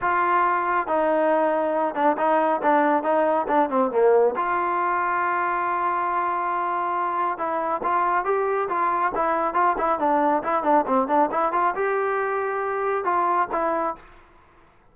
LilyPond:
\new Staff \with { instrumentName = "trombone" } { \time 4/4 \tempo 4 = 138 f'2 dis'2~ | dis'8 d'8 dis'4 d'4 dis'4 | d'8 c'8 ais4 f'2~ | f'1~ |
f'4 e'4 f'4 g'4 | f'4 e'4 f'8 e'8 d'4 | e'8 d'8 c'8 d'8 e'8 f'8 g'4~ | g'2 f'4 e'4 | }